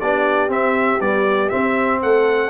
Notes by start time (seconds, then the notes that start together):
0.00 B3 D4 G4 D5
0.48 C4 E5
1.01 G3 B3 D5
1.49 C4 E5
2.02 A3 A4 F#5